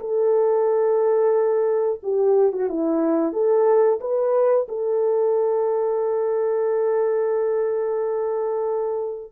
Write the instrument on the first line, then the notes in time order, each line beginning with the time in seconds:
horn
0.00 A4
2.03 G4
2.52 F#4
2.69 E4
3.33 A4
4.01 B4
4.68 A4